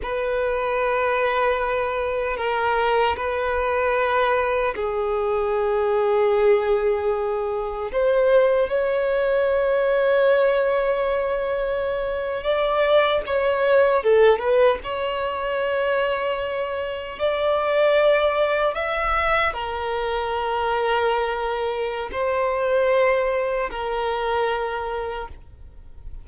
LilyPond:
\new Staff \with { instrumentName = "violin" } { \time 4/4 \tempo 4 = 76 b'2. ais'4 | b'2 gis'2~ | gis'2 c''4 cis''4~ | cis''2.~ cis''8. d''16~ |
d''8. cis''4 a'8 b'8 cis''4~ cis''16~ | cis''4.~ cis''16 d''2 e''16~ | e''8. ais'2.~ ais'16 | c''2 ais'2 | }